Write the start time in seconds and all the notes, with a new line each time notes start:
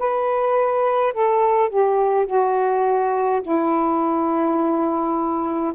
0.00 B4
1.13 A4
1.70 G4
2.27 F#4
3.43 E4